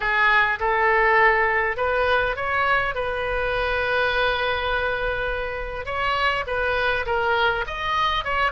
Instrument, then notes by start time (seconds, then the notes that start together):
oboe
0.00 G#4
0.59 A4
1.76 B4
2.35 C#5
2.94 B4
5.85 C#5
6.46 B4
7.06 A#4
7.66 D#5
8.24 C#5